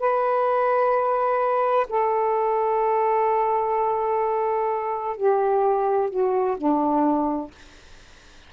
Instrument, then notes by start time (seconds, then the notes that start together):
saxophone
0.00 B4
1.90 A4
5.17 G4
6.10 F#4
6.58 D4